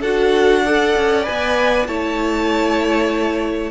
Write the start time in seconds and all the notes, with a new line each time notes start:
0.00 D4 F#4 A4 F#5
0.65 A4 D5
0.96 C#4
1.23 B3 B4 G#5
1.86 A3 E4 C#5 A5